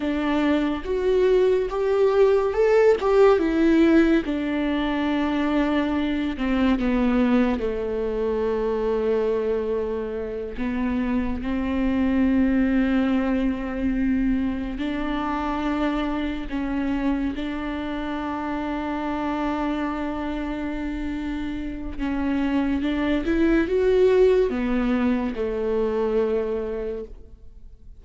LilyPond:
\new Staff \with { instrumentName = "viola" } { \time 4/4 \tempo 4 = 71 d'4 fis'4 g'4 a'8 g'8 | e'4 d'2~ d'8 c'8 | b4 a2.~ | a8 b4 c'2~ c'8~ |
c'4. d'2 cis'8~ | cis'8 d'2.~ d'8~ | d'2 cis'4 d'8 e'8 | fis'4 b4 a2 | }